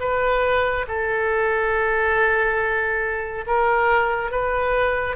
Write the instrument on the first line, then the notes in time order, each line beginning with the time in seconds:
oboe
0.00 B4
0.88 A4
3.47 A#4
4.31 B4